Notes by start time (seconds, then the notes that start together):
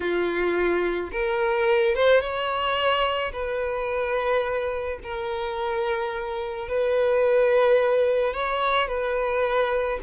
0.00 F4
1.12 A#4
1.95 C5
2.20 C#5
3.32 B4
5.03 A#4
6.68 B4
8.33 C#5
8.88 B4